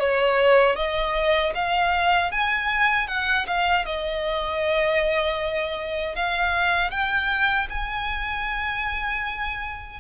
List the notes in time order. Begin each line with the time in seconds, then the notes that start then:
0.00 C#5
0.76 D#5
1.55 F5
2.31 G#5
3.08 F#5
3.47 F5
3.86 D#5
6.15 F5
6.91 G5
7.69 G#5